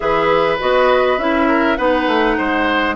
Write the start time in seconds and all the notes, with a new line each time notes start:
0.00 E3 G#4 B4 E5
0.58 B3 F#4 D#5
1.17 C#4 E4 E5
1.48 A#4
1.76 B3 D#4 B4 F#5
2.07 A3
2.37 G#3 C5